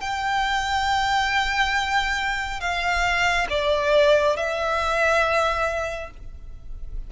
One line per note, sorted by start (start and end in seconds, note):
0.00 2.60 G5
2.60 3.47 F5
3.49 4.36 D5
4.36 6.10 E5